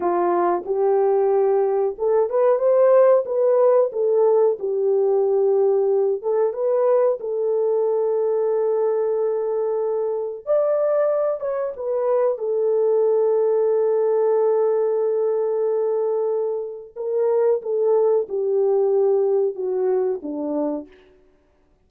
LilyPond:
\new Staff \with { instrumentName = "horn" } { \time 4/4 \tempo 4 = 92 f'4 g'2 a'8 b'8 | c''4 b'4 a'4 g'4~ | g'4. a'8 b'4 a'4~ | a'1 |
d''4. cis''8 b'4 a'4~ | a'1~ | a'2 ais'4 a'4 | g'2 fis'4 d'4 | }